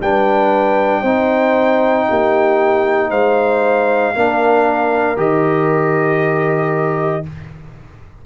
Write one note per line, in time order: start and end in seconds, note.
0.00 1.03 G3
0.00 1.04 D4
0.00 1.01 B4
0.00 3.10 G5
1.01 2.06 C4
1.01 4.15 D#4
1.01 2.05 C5
2.09 3.11 A#3
2.09 3.10 G4
3.10 4.14 G#3
3.10 4.13 C5
3.10 5.17 F5
4.15 5.17 A#3
4.15 5.16 D4
4.15 7.25 A#4
5.16 7.23 D#3
5.16 7.23 G4
5.16 7.26 D#5